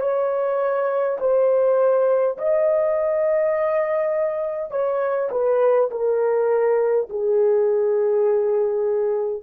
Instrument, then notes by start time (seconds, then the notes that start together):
horn
0.00 C#5
1.20 C5
2.38 D#5
4.71 C#5
5.31 B4
5.91 A#4
7.10 G#4